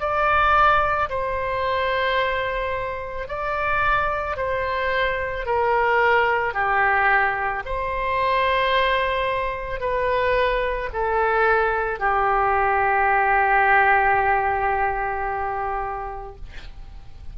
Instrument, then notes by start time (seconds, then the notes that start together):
oboe
0.00 D5
1.10 C5
3.28 D5
4.36 C5
5.46 A#4
6.54 G4
7.66 C5
9.80 B4
10.93 A4
12.00 G4